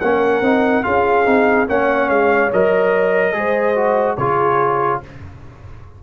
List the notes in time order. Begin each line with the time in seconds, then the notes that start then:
0.00 A#3 C#4 A#4 F#5
0.41 C4 D#4
0.83 C#4 F4 G#4 F5
1.25 C4 D#4
1.67 A#3 C#4 C#5 F#5
2.09 G#3 F5
2.53 F#3 A#4 D#5
3.33 G#3 G#4 C5
3.75 F#4
4.16 C#3 F4 G#4 C#5